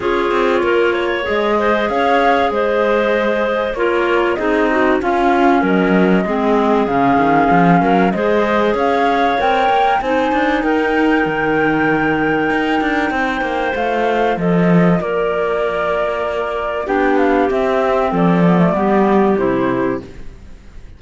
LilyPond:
<<
  \new Staff \with { instrumentName = "flute" } { \time 4/4 \tempo 4 = 96 cis''2 dis''4 f''4 | dis''2 cis''4 dis''4 | f''4 dis''2 f''4~ | f''4 dis''4 f''4 g''4 |
gis''4 g''2.~ | g''2 f''4 dis''4 | d''2. g''8 f''8 | e''4 d''2 c''4 | }
  \new Staff \with { instrumentName = "clarinet" } { \time 4/4 gis'4 ais'8 cis''4 c''8 cis''4 | c''2 ais'4 gis'8 fis'8 | f'4 ais'4 gis'2~ | gis'8 ais'8 c''4 cis''2 |
c''4 ais'2.~ | ais'4 c''2 a'4 | ais'2. g'4~ | g'4 a'4 g'2 | }
  \new Staff \with { instrumentName = "clarinet" } { \time 4/4 f'2 gis'2~ | gis'2 f'4 dis'4 | cis'2 c'4 cis'4~ | cis'4 gis'2 ais'4 |
dis'1~ | dis'2 f'2~ | f'2. d'4 | c'4. b16 a16 b4 e'4 | }
  \new Staff \with { instrumentName = "cello" } { \time 4/4 cis'8 c'8 ais4 gis4 cis'4 | gis2 ais4 c'4 | cis'4 fis4 gis4 cis8 dis8 | f8 fis8 gis4 cis'4 c'8 ais8 |
c'8 d'8 dis'4 dis2 | dis'8 d'8 c'8 ais8 a4 f4 | ais2. b4 | c'4 f4 g4 c4 | }
>>